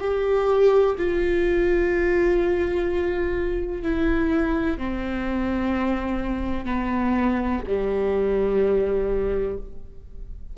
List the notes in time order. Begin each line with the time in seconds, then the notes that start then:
0.00 G4
0.98 F4
3.82 E4
4.78 C4
6.65 B3
7.67 G3